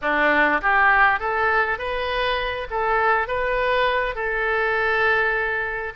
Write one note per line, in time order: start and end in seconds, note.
0.01 0.61 D4
0.61 1.19 G4
1.19 1.78 A4
1.78 2.67 B4
2.70 3.27 A4
3.27 4.15 B4
4.15 5.93 A4